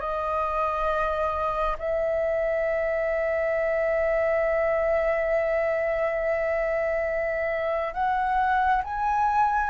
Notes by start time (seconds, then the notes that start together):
0.00 D#5
1.78 E5
7.93 F#5
8.84 G#5